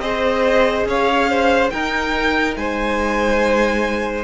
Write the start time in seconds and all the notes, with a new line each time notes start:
0.00 C4 G#4 C5 D#5
0.86 C#4 C#5 F5
1.30 C5
1.70 D#4 A#4 G5
2.57 G#3 C5 G#5